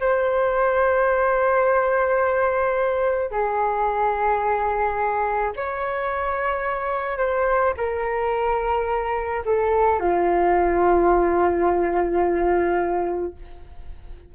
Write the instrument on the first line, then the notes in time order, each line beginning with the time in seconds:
flute
0.00 C5
3.31 G#4
5.56 C#5
7.18 C5
7.77 A#4
9.45 A4
9.99 F4